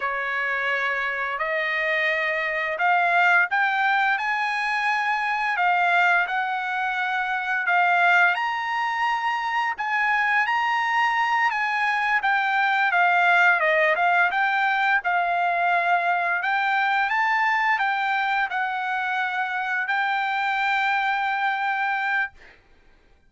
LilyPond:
\new Staff \with { instrumentName = "trumpet" } { \time 4/4 \tempo 4 = 86 cis''2 dis''2 | f''4 g''4 gis''2 | f''4 fis''2 f''4 | ais''2 gis''4 ais''4~ |
ais''8 gis''4 g''4 f''4 dis''8 | f''8 g''4 f''2 g''8~ | g''8 a''4 g''4 fis''4.~ | fis''8 g''2.~ g''8 | }